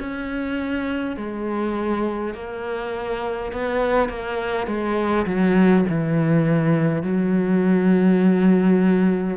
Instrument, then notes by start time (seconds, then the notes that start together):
cello
0.00 C#4
1.17 G#3
2.35 A#3
3.52 B3
4.09 A#3
4.67 G#3
5.27 F#3
5.89 E3
7.03 F#3